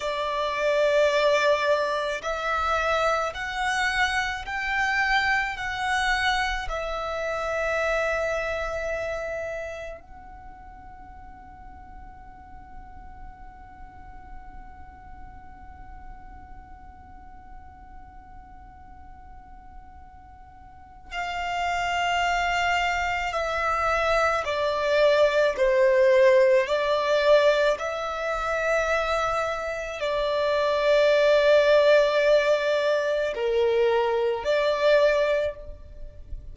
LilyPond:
\new Staff \with { instrumentName = "violin" } { \time 4/4 \tempo 4 = 54 d''2 e''4 fis''4 | g''4 fis''4 e''2~ | e''4 fis''2.~ | fis''1~ |
fis''2. f''4~ | f''4 e''4 d''4 c''4 | d''4 e''2 d''4~ | d''2 ais'4 d''4 | }